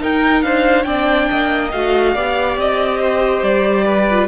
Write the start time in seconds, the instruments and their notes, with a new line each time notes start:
0.00 viola D#4, cello D#4, violin A#4 G5
0.42 cello D4, violin C5 F5
0.84 cello C4, viola D4, violin D5 G5
1.31 cello A#3, violin D#5
1.72 cello A3, viola F#4, violin F5
2.15 cello B3, viola G4, violin D5
2.57 cello C4, violin D#5
2.99 violin C5
3.42 cello G3, violin D5
3.86 violin B4
4.10 viola F4